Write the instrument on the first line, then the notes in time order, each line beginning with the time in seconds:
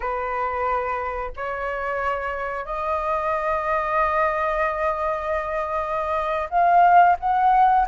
flute
0.00 B4
1.36 C#5
2.65 D#5
6.49 F5
7.19 F#5